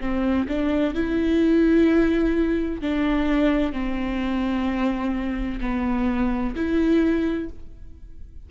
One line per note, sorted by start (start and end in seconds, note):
0.00 0.47 C4
0.48 0.94 D4
0.94 2.81 E4
2.81 3.72 D4
3.72 5.60 C4
5.60 6.54 B3
6.55 7.49 E4